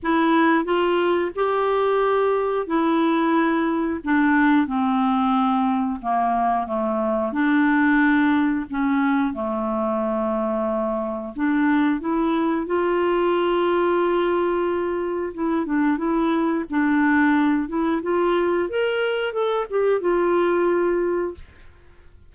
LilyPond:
\new Staff \with { instrumentName = "clarinet" } { \time 4/4 \tempo 4 = 90 e'4 f'4 g'2 | e'2 d'4 c'4~ | c'4 ais4 a4 d'4~ | d'4 cis'4 a2~ |
a4 d'4 e'4 f'4~ | f'2. e'8 d'8 | e'4 d'4. e'8 f'4 | ais'4 a'8 g'8 f'2 | }